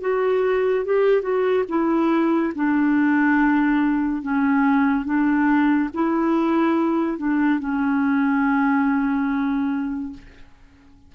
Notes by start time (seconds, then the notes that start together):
0.00 F#4
0.85 G4
1.21 F#4
1.68 E4
2.55 D4
4.22 C#4
5.05 D4
5.93 E4
7.18 D4
7.59 C#4